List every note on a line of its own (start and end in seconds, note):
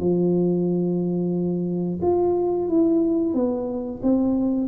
0.00 2.00 F3
2.02 2.68 F4
2.69 3.34 E4
3.34 4.01 B3
4.03 4.68 C4